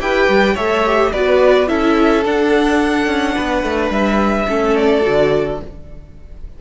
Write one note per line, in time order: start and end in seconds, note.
0.00 0.28 E4
0.00 0.56 G4
0.00 0.54 B4
0.00 0.57 G5
0.29 0.57 G3
0.54 1.13 A3
0.54 0.86 A4
0.54 1.10 C#5
0.54 1.13 E5
0.86 1.14 G4
1.13 1.70 B3
1.13 1.67 F#4
1.13 1.69 B4
1.13 1.68 D5
1.67 2.25 C#4
1.67 2.23 E4
1.67 3.35 A4
1.67 2.24 E5
2.25 4.49 D4
2.25 3.07 D4
2.25 3.92 F#5
3.07 3.35 C#4
3.35 3.64 B3
3.35 4.48 B4
3.64 3.90 A3
3.90 4.46 G3
3.90 4.76 E5
4.49 5.05 A3
4.49 5.02 C#4
4.49 5.62 A4
4.76 5.61 D5
5.02 5.62 D3
5.02 5.58 F#4